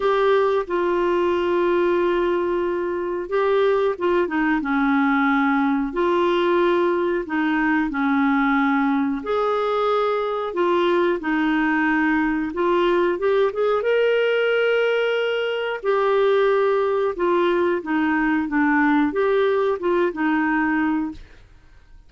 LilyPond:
\new Staff \with { instrumentName = "clarinet" } { \time 4/4 \tempo 4 = 91 g'4 f'2.~ | f'4 g'4 f'8 dis'8 cis'4~ | cis'4 f'2 dis'4 | cis'2 gis'2 |
f'4 dis'2 f'4 | g'8 gis'8 ais'2. | g'2 f'4 dis'4 | d'4 g'4 f'8 dis'4. | }